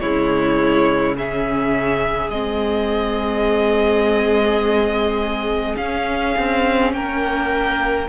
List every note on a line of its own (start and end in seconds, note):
0.00 2.30 C#3
0.00 1.17 G#3
0.00 1.17 E4
0.00 1.15 C#5
1.18 2.32 C#4
1.18 6.94 G#4
1.18 2.30 E5
2.30 5.76 G#3
2.30 5.76 C4
2.30 5.76 D#5
5.76 8.07 C#4
5.76 6.35 C#4
5.76 6.92 F5
6.38 6.93 C4
6.93 8.09 A#3
6.93 8.09 A#4
6.93 8.09 G5